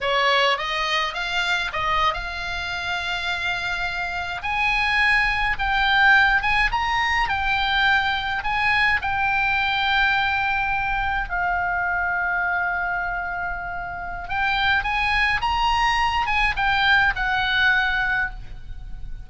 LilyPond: \new Staff \with { instrumentName = "oboe" } { \time 4/4 \tempo 4 = 105 cis''4 dis''4 f''4 dis''8. f''16~ | f''2.~ f''8. gis''16~ | gis''4.~ gis''16 g''4. gis''8 ais''16~ | ais''8. g''2 gis''4 g''16~ |
g''2.~ g''8. f''16~ | f''1~ | f''4 g''4 gis''4 ais''4~ | ais''8 gis''8 g''4 fis''2 | }